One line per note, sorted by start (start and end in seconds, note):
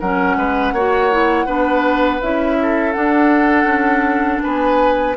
0.00 0.36 F#3
0.00 0.77 C#4
0.00 0.37 A#4
0.00 2.22 F#5
0.36 0.73 G#3
0.36 0.74 B4
0.73 1.47 A#3
0.73 1.12 F#4
0.73 1.46 C#5
1.12 1.47 E4
1.46 2.21 B3
1.46 2.21 D4
1.46 2.57 B4
2.22 2.96 C#4
2.22 2.94 E4
2.22 2.92 E5
2.62 4.43 A4
2.92 5.16 D4
2.92 3.65 D4
2.92 4.41 F#5
3.65 4.39 C#4
4.42 5.17 B3
4.42 5.17 B4
4.42 5.16 G#5